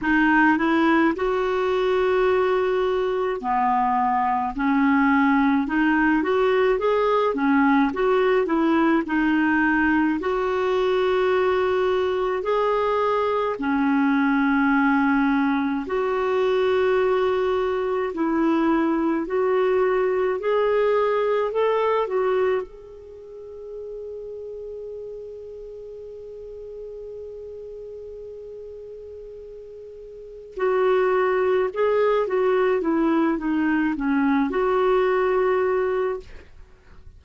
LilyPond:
\new Staff \with { instrumentName = "clarinet" } { \time 4/4 \tempo 4 = 53 dis'8 e'8 fis'2 b4 | cis'4 dis'8 fis'8 gis'8 cis'8 fis'8 e'8 | dis'4 fis'2 gis'4 | cis'2 fis'2 |
e'4 fis'4 gis'4 a'8 fis'8 | gis'1~ | gis'2. fis'4 | gis'8 fis'8 e'8 dis'8 cis'8 fis'4. | }